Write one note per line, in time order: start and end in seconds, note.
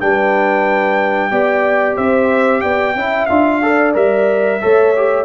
0.00 1.31 G3
0.00 1.31 D4
0.00 1.31 B4
0.00 1.97 G5
1.31 1.97 B3
1.31 2.96 G4
1.31 1.96 D5
1.96 2.64 C4
1.96 2.62 C5
1.96 2.61 E5
2.61 2.95 B3
2.61 2.96 D5
2.61 3.26 G5
2.95 3.28 C#4
2.95 3.30 E4
2.95 3.63 E5
3.26 3.95 D4
3.26 3.63 F4
3.26 3.92 F5
3.63 3.94 A4
3.63 4.62 D5
3.94 4.61 G3
3.94 4.60 A#4
3.94 5.25 E5
4.62 5.25 A3
4.62 4.95 A4
4.62 5.25 C#5
4.96 5.25 G4